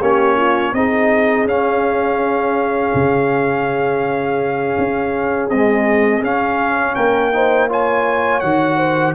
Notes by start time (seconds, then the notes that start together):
0.00 A#3 C#4 G4 C#5
0.37 F4
0.73 C4 D#4 G#4 D#5
1.45 C#4 F5
2.94 C#3
4.79 C#4
5.49 G#3 C4 D#5
6.22 C#4 F5
6.95 A#3 A#4 G5
7.33 D#4 C5
7.69 F4 C#5 G#5
8.40 D#3 F#4 F#5
8.78 C5